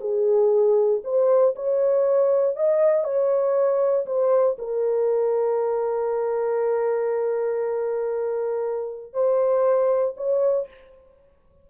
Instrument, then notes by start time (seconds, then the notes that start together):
horn
0.00 G#4
1.04 C5
1.55 C#5
2.55 D#5
3.03 C#5
4.06 C5
4.58 A#4
9.13 C5
10.16 C#5